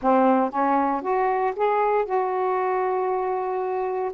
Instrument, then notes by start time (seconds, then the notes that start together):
saxophone
0.01 C4
0.50 C#4
1.01 F#4
1.56 G#4
2.05 F#4